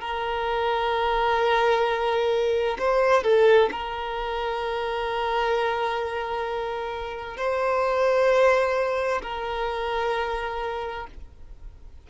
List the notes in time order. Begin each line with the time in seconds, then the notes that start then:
0.00 A#4
2.79 C5
3.23 A4
3.71 A#4
7.37 C5
9.22 A#4